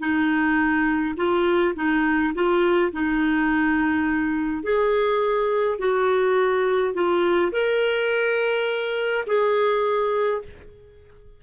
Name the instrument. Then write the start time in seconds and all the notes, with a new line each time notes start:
clarinet
0.00 D#4
1.17 F4
1.76 D#4
2.35 F4
2.93 D#4
4.64 G#4
5.79 F#4
6.95 F4
7.53 A#4
9.27 G#4